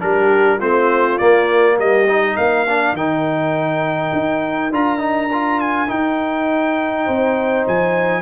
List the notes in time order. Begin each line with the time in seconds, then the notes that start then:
0.00 G3 D4 G4 A#4
0.58 A3 C4 F4 C5
1.18 A#3 D5
1.78 G3 G4 D#5
2.09 D#4
2.35 A#3 A#4 F5
2.69 D4
2.94 D#3 D#4 G5
4.13 D#4
4.71 D4 F4 A#5
4.99 D#4
5.33 F4
5.61 G#5
5.88 D#4 G5
7.05 C4 C5
7.68 F3 G#5